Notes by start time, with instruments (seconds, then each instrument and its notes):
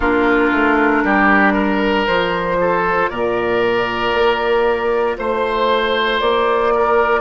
0.00 bassoon A#3, clarinet D4, oboe F4, flute A#4
0.52 bassoon A3
1.03 bassoon G3, oboe G4
1.53 oboe A#4
2.06 bassoon F3, clarinet F4, flute C5
2.60 oboe A4
3.09 bassoon A#2, oboe A#4, flute D5
4.13 bassoon A#3
5.18 bassoon A3, flute C5, oboe C5
6.20 bassoon A#3, flute D5
6.74 oboe A#4